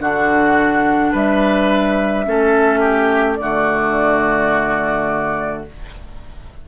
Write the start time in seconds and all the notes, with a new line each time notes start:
0.00 D3 D4 F#4 F#5
1.12 G3 B4 E5
2.26 A3 C#4 A4
2.80 G4
3.36 D3 A3 D5
3.42 F#4